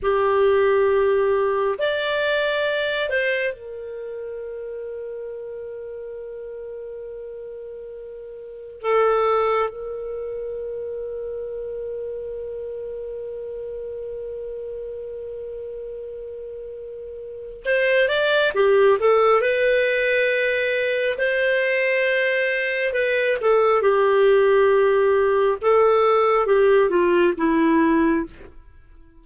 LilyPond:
\new Staff \with { instrumentName = "clarinet" } { \time 4/4 \tempo 4 = 68 g'2 d''4. c''8 | ais'1~ | ais'2 a'4 ais'4~ | ais'1~ |
ais'1 | c''8 d''8 g'8 a'8 b'2 | c''2 b'8 a'8 g'4~ | g'4 a'4 g'8 f'8 e'4 | }